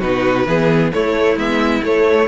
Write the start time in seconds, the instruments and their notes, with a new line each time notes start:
0.00 cello B2, viola D#4, violin F#4 B4
0.47 cello E3, viola B3, violin G#4
0.92 viola A3, cello A3, violin E4 C#5
1.37 cello G#3, viola B3, violin E5
1.84 cello A3, viola A3, violin C#5